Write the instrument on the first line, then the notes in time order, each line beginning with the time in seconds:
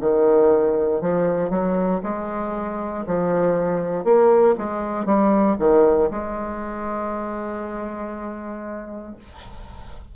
bassoon
0.00 D#3
1.01 F3
1.50 F#3
2.03 G#3
3.06 F3
4.04 A#3
4.58 G#3
5.05 G3
5.59 D#3
6.10 G#3